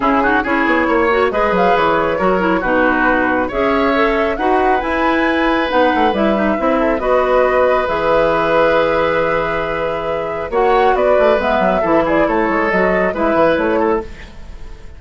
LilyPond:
<<
  \new Staff \with { instrumentName = "flute" } { \time 4/4 \tempo 4 = 137 gis'4 cis''2 dis''8 f''8 | cis''2 b'2 | e''2 fis''4 gis''4~ | gis''4 fis''4 e''2 |
dis''2 e''2~ | e''1 | fis''4 d''4 e''4. d''8 | cis''4 dis''4 e''4 cis''4 | }
  \new Staff \with { instrumentName = "oboe" } { \time 4/4 e'8 fis'8 gis'4 cis''4 b'4~ | b'4 ais'4 fis'2 | cis''2 b'2~ | b'2.~ b'8 a'8 |
b'1~ | b'1 | cis''4 b'2 a'8 gis'8 | a'2 b'4. a'8 | }
  \new Staff \with { instrumentName = "clarinet" } { \time 4/4 cis'8 dis'8 e'4. fis'8 gis'4~ | gis'4 fis'8 e'8 dis'2 | gis'4 a'4 fis'4 e'4~ | e'4 dis'4 e'8 dis'8 e'4 |
fis'2 gis'2~ | gis'1 | fis'2 b4 e'4~ | e'4 fis'4 e'2 | }
  \new Staff \with { instrumentName = "bassoon" } { \time 4/4 cis4 cis'8 b8 ais4 gis8 fis8 | e4 fis4 b,2 | cis'2 dis'4 e'4~ | e'4 b8 a8 g4 c'4 |
b2 e2~ | e1 | ais4 b8 a8 gis8 fis8 e4 | a8 gis8 fis4 gis8 e8 a4 | }
>>